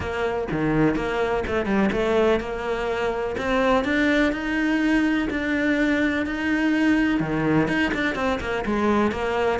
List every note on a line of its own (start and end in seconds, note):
0.00 0.48 A#3
0.51 0.95 D#3
0.95 1.43 A#3
1.47 1.65 A3
1.65 1.89 G3
1.92 2.40 A3
2.40 3.36 A#3
3.37 3.84 C4
3.84 4.32 D4
4.32 5.28 D#4
5.30 6.25 D4
6.25 7.20 D#4
7.20 7.68 D#3
7.68 7.92 D#4
7.93 8.15 D4
8.15 8.39 C4
8.40 8.64 A#3
8.65 9.11 G#3
9.11 9.59 A#3